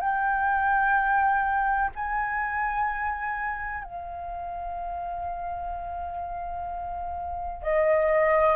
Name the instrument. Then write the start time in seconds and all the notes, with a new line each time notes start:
flute
0.00 G5
1.96 G#5
3.84 F5
7.63 D#5